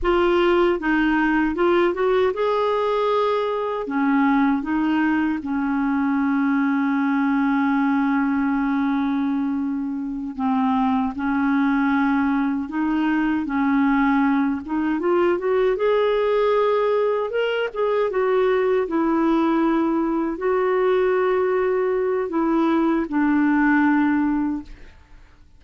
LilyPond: \new Staff \with { instrumentName = "clarinet" } { \time 4/4 \tempo 4 = 78 f'4 dis'4 f'8 fis'8 gis'4~ | gis'4 cis'4 dis'4 cis'4~ | cis'1~ | cis'4. c'4 cis'4.~ |
cis'8 dis'4 cis'4. dis'8 f'8 | fis'8 gis'2 ais'8 gis'8 fis'8~ | fis'8 e'2 fis'4.~ | fis'4 e'4 d'2 | }